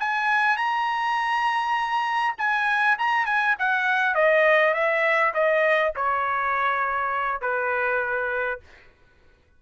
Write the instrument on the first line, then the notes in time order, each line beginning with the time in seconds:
trumpet
0.00 G#5
0.57 A#5
2.39 G#5
2.99 A#5
3.26 G#5
3.59 F#5
4.15 D#5
4.74 E5
5.34 D#5
5.96 C#5
7.42 B4